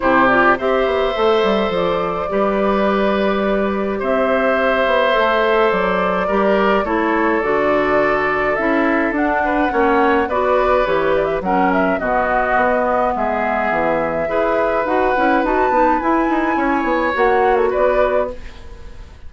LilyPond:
<<
  \new Staff \with { instrumentName = "flute" } { \time 4/4 \tempo 4 = 105 c''8 d''8 e''2 d''4~ | d''2. e''4~ | e''2 d''2 | cis''4 d''2 e''4 |
fis''2 d''4 cis''8 d''16 e''16 | fis''8 e''8 dis''2 e''4~ | e''2 fis''4 a''4 | gis''2 fis''8. a'16 d''4 | }
  \new Staff \with { instrumentName = "oboe" } { \time 4/4 g'4 c''2. | b'2. c''4~ | c''2. ais'4 | a'1~ |
a'8 b'8 cis''4 b'2 | ais'4 fis'2 gis'4~ | gis'4 b'2.~ | b'4 cis''2 b'4 | }
  \new Staff \with { instrumentName = "clarinet" } { \time 4/4 e'8 f'8 g'4 a'2 | g'1~ | g'4 a'2 g'4 | e'4 fis'2 e'4 |
d'4 cis'4 fis'4 g'4 | cis'4 b2.~ | b4 gis'4 fis'8 e'8 fis'8 dis'8 | e'2 fis'2 | }
  \new Staff \with { instrumentName = "bassoon" } { \time 4/4 c4 c'8 b8 a8 g8 f4 | g2. c'4~ | c'8 b8 a4 fis4 g4 | a4 d2 cis'4 |
d'4 ais4 b4 e4 | fis4 b,4 b4 gis4 | e4 e'4 dis'8 cis'8 dis'8 b8 | e'8 dis'8 cis'8 b8 ais4 b4 | }
>>